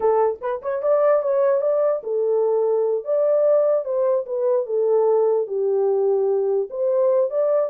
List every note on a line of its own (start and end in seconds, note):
0.00 0.39 A4
0.41 0.61 B4
0.62 0.82 C#5
0.82 1.22 D5
1.22 1.61 C#5
1.61 2.01 D5
2.03 3.04 A4
3.04 3.84 D5
3.84 4.25 C5
4.26 4.66 B4
4.66 5.47 A4
5.47 6.68 G4
6.70 7.30 C5
7.30 7.69 D5